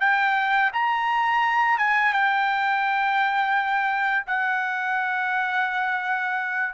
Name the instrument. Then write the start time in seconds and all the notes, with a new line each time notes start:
trumpet
0.00 G5
0.73 A#5
1.78 G#5
2.13 G5
4.26 F#5